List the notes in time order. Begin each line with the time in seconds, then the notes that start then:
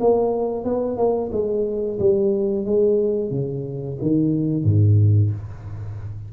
0.00 A#3
0.64 B3
0.97 A#3
1.32 G#3
1.99 G3
2.65 G#3
3.30 C#3
4.02 D#3
4.64 G#2